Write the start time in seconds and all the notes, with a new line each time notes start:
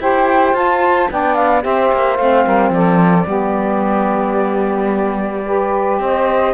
0.00 E4 G4 C5 G5
0.54 F4 A5
1.10 B3 D4 D5 G5
1.35 F5
1.62 C4 G4 C5 E5
1.93 A#3
2.17 A3 C4 F5
2.45 G3 A#4
2.70 F3 A4 D5
3.26 G3 B3 G4
5.46 G4 B4
5.99 C4 C5 D#5